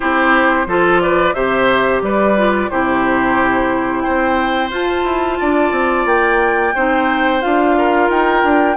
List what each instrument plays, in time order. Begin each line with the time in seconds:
0.00 bassoon C4, clarinet E4, oboe G4, flute C5
0.66 bassoon F3, clarinet F4, oboe A4
1.00 oboe B4, flute D5
1.33 bassoon C3, clarinet G4, oboe C5, flute E5
2.01 bassoon G3, oboe B4, flute D5
2.36 clarinet F4
2.69 bassoon C3, clarinet E4, oboe G4, flute C5
4.01 bassoon C4, oboe C5, flute G5
4.70 bassoon F4, clarinet F4, flute A5
5.04 bassoon E4
5.40 bassoon D4, oboe D5
5.71 bassoon C4
6.05 bassoon A#3, flute G5
6.74 bassoon C4, clarinet D#4, oboe C5
7.41 bassoon D4, clarinet F4, flute F5
7.77 oboe A#4
8.09 bassoon D#4, flute G5
8.43 bassoon D4